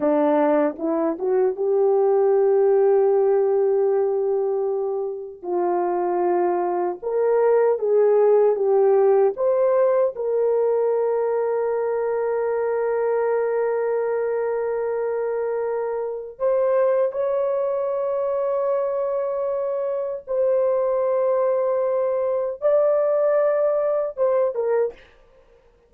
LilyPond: \new Staff \with { instrumentName = "horn" } { \time 4/4 \tempo 4 = 77 d'4 e'8 fis'8 g'2~ | g'2. f'4~ | f'4 ais'4 gis'4 g'4 | c''4 ais'2.~ |
ais'1~ | ais'4 c''4 cis''2~ | cis''2 c''2~ | c''4 d''2 c''8 ais'8 | }